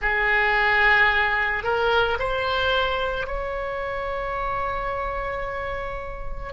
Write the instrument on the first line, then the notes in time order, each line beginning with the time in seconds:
oboe
0.01 G#4
1.63 A#4
2.19 C5
3.26 C#5